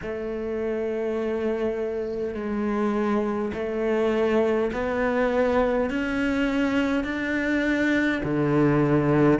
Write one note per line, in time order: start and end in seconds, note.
0.02 2.34 A3
2.34 3.52 G#3
3.53 4.71 A3
4.73 5.90 B3
5.90 7.04 C#4
7.04 8.21 D4
8.24 9.39 D3